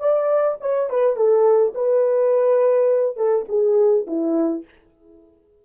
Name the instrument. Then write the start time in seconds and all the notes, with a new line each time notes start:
horn
0.00 D5
0.61 C#5
0.90 B4
1.16 A4
1.75 B4
3.17 A4
3.49 G#4
4.07 E4